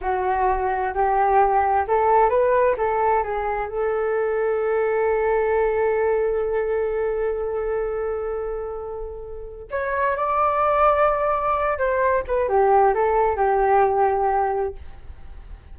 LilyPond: \new Staff \with { instrumentName = "flute" } { \time 4/4 \tempo 4 = 130 fis'2 g'2 | a'4 b'4 a'4 gis'4 | a'1~ | a'1~ |
a'1~ | a'4 cis''4 d''2~ | d''4. c''4 b'8 g'4 | a'4 g'2. | }